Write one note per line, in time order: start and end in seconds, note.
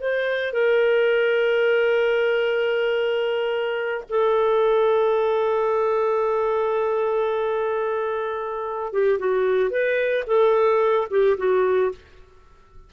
0.00 0.53 C5
0.53 4.04 A#4
4.09 8.93 A4
8.93 9.18 G4
9.18 9.70 F#4
9.70 10.24 B4
10.27 11.08 A4
11.10 11.37 G4
11.37 11.91 F#4